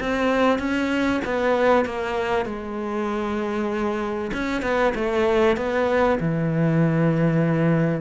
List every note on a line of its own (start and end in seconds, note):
0.00 0.59 C4
0.59 1.21 C#4
1.25 1.85 B3
1.85 2.45 A#3
2.45 4.31 G#3
4.33 4.62 C#4
4.62 4.93 B3
4.95 5.57 A3
5.57 6.19 B3
6.20 8.01 E3